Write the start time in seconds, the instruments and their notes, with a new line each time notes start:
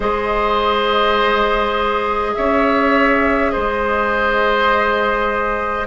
0.00 bassoon G#3, clarinet G#4, oboe C5, flute D#5
2.35 bassoon C#4, oboe C#5, flute E5
3.50 bassoon G#3, oboe C5, flute D#5